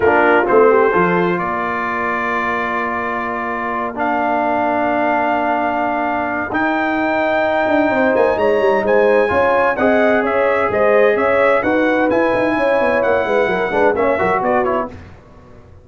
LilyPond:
<<
  \new Staff \with { instrumentName = "trumpet" } { \time 4/4 \tempo 4 = 129 ais'4 c''2 d''4~ | d''1~ | d''8 f''2.~ f''8~ | f''2 g''2~ |
g''4. gis''8 ais''4 gis''4~ | gis''4 fis''4 e''4 dis''4 | e''4 fis''4 gis''2 | fis''2 e''4 d''8 cis''8 | }
  \new Staff \with { instrumentName = "horn" } { \time 4/4 f'4. g'8 a'4 ais'4~ | ais'1~ | ais'1~ | ais'1~ |
ais'4 c''4 cis''4 c''4 | cis''4 dis''4 cis''4 c''4 | cis''4 b'2 cis''4~ | cis''8 b'8 ais'8 b'8 cis''8 ais'8 fis'4 | }
  \new Staff \with { instrumentName = "trombone" } { \time 4/4 d'4 c'4 f'2~ | f'1~ | f'8 d'2.~ d'8~ | d'2 dis'2~ |
dis'1 | f'4 gis'2.~ | gis'4 fis'4 e'2~ | e'4. d'8 cis'8 fis'4 e'8 | }
  \new Staff \with { instrumentName = "tuba" } { \time 4/4 ais4 a4 f4 ais4~ | ais1~ | ais1~ | ais2 dis'2~ |
dis'8 d'8 c'8 ais8 gis8 g8 gis4 | cis'4 c'4 cis'4 gis4 | cis'4 dis'4 e'8 dis'8 cis'8 b8 | ais8 gis8 fis8 gis8 ais8 fis8 b4 | }
>>